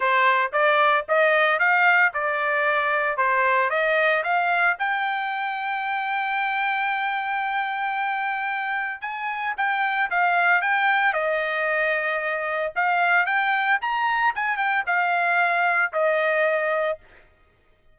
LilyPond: \new Staff \with { instrumentName = "trumpet" } { \time 4/4 \tempo 4 = 113 c''4 d''4 dis''4 f''4 | d''2 c''4 dis''4 | f''4 g''2.~ | g''1~ |
g''4 gis''4 g''4 f''4 | g''4 dis''2. | f''4 g''4 ais''4 gis''8 g''8 | f''2 dis''2 | }